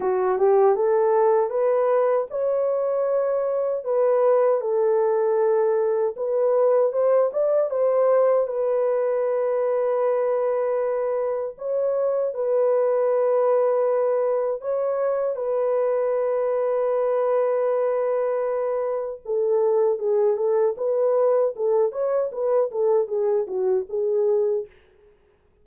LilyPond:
\new Staff \with { instrumentName = "horn" } { \time 4/4 \tempo 4 = 78 fis'8 g'8 a'4 b'4 cis''4~ | cis''4 b'4 a'2 | b'4 c''8 d''8 c''4 b'4~ | b'2. cis''4 |
b'2. cis''4 | b'1~ | b'4 a'4 gis'8 a'8 b'4 | a'8 cis''8 b'8 a'8 gis'8 fis'8 gis'4 | }